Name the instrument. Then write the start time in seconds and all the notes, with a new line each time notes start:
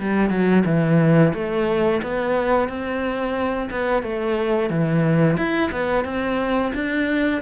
cello
0.00 G3
0.30 F#3
0.66 E3
1.34 A3
2.03 B3
2.68 C4
3.71 B3
4.03 A3
4.70 E3
5.37 E4
5.72 B3
6.05 C4
6.74 D4